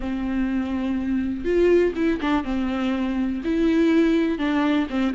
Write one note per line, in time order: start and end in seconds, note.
0.00 1.44 C4
1.44 1.93 F4
1.95 2.20 E4
2.20 2.44 D4
2.44 3.41 C4
3.44 4.38 E4
4.38 4.87 D4
4.90 5.14 C4